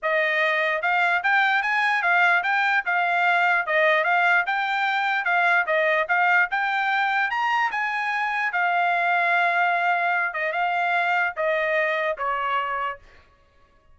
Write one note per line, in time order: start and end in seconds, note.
0.02 0.81 D#5
0.81 1.22 F5
1.23 1.62 G5
1.62 2.02 G#5
2.02 2.42 F5
2.43 2.84 G5
2.85 3.66 F5
3.66 4.04 D#5
4.04 4.44 F5
4.46 5.24 G5
5.24 5.65 F5
5.66 6.07 D#5
6.08 6.49 F5
6.50 7.30 G5
7.30 7.70 A#5
7.71 8.52 G#5
8.52 10.33 F5
10.33 10.52 D#5
10.52 11.33 F5
11.36 12.17 D#5
12.17 12.98 C#5